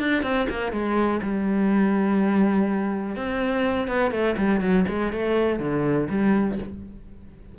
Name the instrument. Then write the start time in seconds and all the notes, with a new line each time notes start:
cello
0.00 D4
0.23 C4
0.49 A#3
0.72 G#3
1.23 G3
3.16 C4
3.88 B3
4.11 A3
4.38 G3
4.61 F#3
4.89 G#3
5.13 A3
5.60 D3
6.10 G3